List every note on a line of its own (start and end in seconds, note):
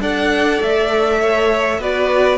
0.00 0.60 D4
0.00 1.80 A4
0.00 1.20 D5
0.00 0.62 F#5
0.62 1.78 A3
0.62 1.82 E5
1.20 1.79 C#5
1.78 2.38 B3
1.78 2.38 F#4
1.78 2.38 B4
1.78 2.38 D5